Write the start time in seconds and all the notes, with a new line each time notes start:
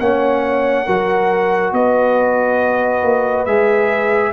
0.00 A#3 C#4 C#5 F#5
0.86 F#3 F#4 A#4
1.73 B3 B4 D#5
3.03 A#3
3.46 G#3 G#4 E5